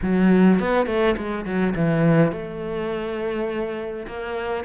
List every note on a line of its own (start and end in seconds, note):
0.02 0.59 F#3
0.59 0.86 B3
0.86 1.15 A3
1.17 1.45 G#3
1.45 1.74 F#3
1.75 2.31 E3
2.31 4.06 A3
4.07 4.64 A#3